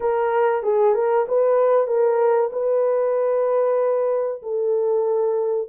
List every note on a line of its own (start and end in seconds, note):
0.00 0.62 A#4
0.62 0.94 G#4
0.94 1.25 A#4
1.27 1.87 B4
1.87 2.50 A#4
2.52 4.42 B4
4.42 5.68 A4